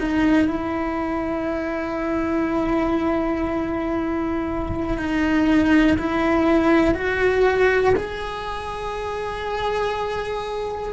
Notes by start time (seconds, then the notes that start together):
0.00 D#4
0.49 E4
4.98 D#4
5.99 E4
6.95 F#4
7.96 G#4